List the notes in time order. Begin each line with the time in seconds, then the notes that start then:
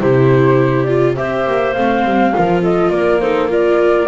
0.00 C3 E4 G4 C5
0.83 F4 D5
1.15 C4 G4 C5 E5
1.46 A#3
1.73 A3 C4 F5
2.04 G3
2.33 F3 F4 A#4
2.62 A4 D#5
2.90 A#3 A#4 D5
3.20 D#4 A4 C5
3.48 F4 A#4 D5